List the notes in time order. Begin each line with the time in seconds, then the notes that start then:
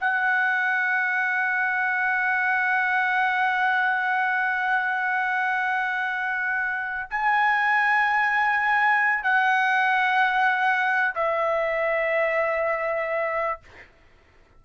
0.00 F#5
7.10 G#5
9.23 F#5
11.15 E5